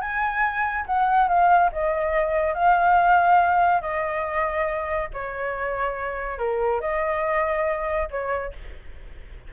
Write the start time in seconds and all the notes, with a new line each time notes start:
0.00 G#5
0.86 F#5
1.28 F5
1.72 D#5
2.54 F5
3.81 D#5
5.13 C#5
6.38 A#4
6.80 D#5
8.10 C#5